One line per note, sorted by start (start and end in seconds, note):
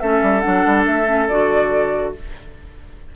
0.00 0.23 A3
0.00 0.42 C#4
0.00 2.14 A4
0.00 0.41 E5
0.23 0.44 G3
0.41 0.66 F#3
0.41 1.05 D4
0.41 0.83 F#5
0.66 0.87 G3
0.86 1.29 A3
0.86 1.28 E5
1.06 1.27 C#4
1.28 2.14 D3
1.28 2.16 F#4
1.28 2.14 D5